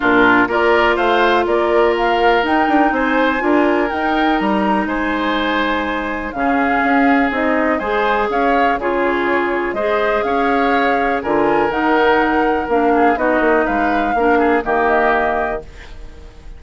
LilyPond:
<<
  \new Staff \with { instrumentName = "flute" } { \time 4/4 \tempo 4 = 123 ais'4 d''4 f''4 d''4 | f''4 g''4 gis''2 | g''4 ais''4 gis''2~ | gis''4 f''2 dis''4 |
gis''4 f''4 cis''2 | dis''4 f''2 gis''4 | fis''2 f''4 dis''4 | f''2 dis''2 | }
  \new Staff \with { instrumentName = "oboe" } { \time 4/4 f'4 ais'4 c''4 ais'4~ | ais'2 c''4 ais'4~ | ais'2 c''2~ | c''4 gis'2. |
c''4 cis''4 gis'2 | c''4 cis''2 ais'4~ | ais'2~ ais'8 gis'8 fis'4 | b'4 ais'8 gis'8 g'2 | }
  \new Staff \with { instrumentName = "clarinet" } { \time 4/4 d'4 f'2.~ | f'4 dis'2 f'4 | dis'1~ | dis'4 cis'2 dis'4 |
gis'2 f'2 | gis'2. f'4 | dis'2 d'4 dis'4~ | dis'4 d'4 ais2 | }
  \new Staff \with { instrumentName = "bassoon" } { \time 4/4 ais,4 ais4 a4 ais4~ | ais4 dis'8 d'8 c'4 d'4 | dis'4 g4 gis2~ | gis4 cis4 cis'4 c'4 |
gis4 cis'4 cis2 | gis4 cis'2 d4 | dis2 ais4 b8 ais8 | gis4 ais4 dis2 | }
>>